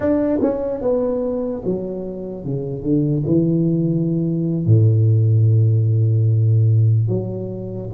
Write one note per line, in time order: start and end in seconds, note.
0.00 0.39 D4
0.42 0.81 C#4
0.81 1.62 B3
1.64 2.44 F#3
2.44 2.82 C#3
2.82 3.23 D3
3.26 4.66 E3
4.66 7.08 A2
7.08 7.89 F#3